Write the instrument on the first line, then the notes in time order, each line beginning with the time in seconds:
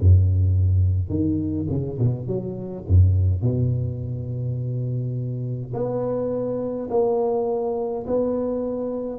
tuba
0.00 F#2
1.09 D#3
1.69 C#3
1.98 B2
2.27 F#3
2.87 F#2
3.41 B2
5.74 B3
6.90 A#3
8.07 B3